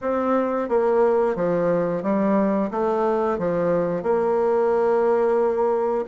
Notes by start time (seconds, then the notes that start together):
0.01 C4
0.68 A#3
1.35 F3
2.02 G3
2.71 A3
3.38 F3
4.02 A#3